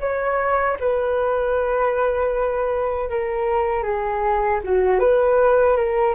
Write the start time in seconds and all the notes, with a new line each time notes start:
0.00 C#5
0.79 B4
3.09 A#4
3.83 G#4
4.63 F#4
4.99 B4
5.76 A#4